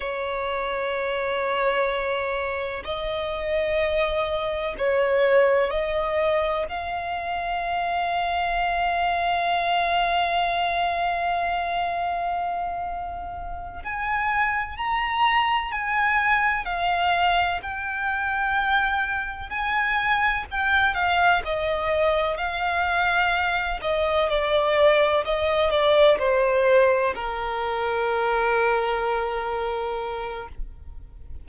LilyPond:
\new Staff \with { instrumentName = "violin" } { \time 4/4 \tempo 4 = 63 cis''2. dis''4~ | dis''4 cis''4 dis''4 f''4~ | f''1~ | f''2~ f''8 gis''4 ais''8~ |
ais''8 gis''4 f''4 g''4.~ | g''8 gis''4 g''8 f''8 dis''4 f''8~ | f''4 dis''8 d''4 dis''8 d''8 c''8~ | c''8 ais'2.~ ais'8 | }